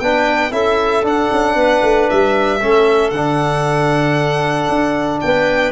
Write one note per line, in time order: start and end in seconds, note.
0.00 0.52 B3
0.00 0.51 D4
0.00 0.53 B4
0.00 0.52 G5
0.51 1.03 C#4
0.51 1.03 E4
0.51 1.56 A4
0.51 1.04 E5
1.03 1.29 D4
1.03 2.60 D4
1.03 2.10 F#5
1.32 1.55 C#4
1.55 1.82 B3
1.55 2.59 B4
1.82 2.09 A3
2.10 2.62 G3
2.10 3.11 E5
2.59 3.12 A3
2.59 3.13 C#4
2.59 5.20 A4
3.11 4.68 D3
3.11 5.72 D4
3.11 5.19 F#5
4.69 5.21 D4
5.21 5.72 B3
5.21 5.72 B4
5.21 5.72 G5